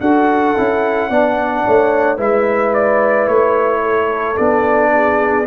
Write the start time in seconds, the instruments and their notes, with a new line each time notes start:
0.00 tuba D4, trombone F#4, horn A4, trumpet F#5
0.56 tuba C#4, trombone E4
1.09 tuba B3, trombone D4, horn D5
1.65 tuba A3, horn C#5
2.17 tuba G#3, trombone E4, horn B4, trumpet E5
2.74 trumpet D5
3.27 tuba A3, trumpet C#5
3.82 horn A4
4.36 tuba B3, trombone D4, trumpet D5
4.93 horn G#4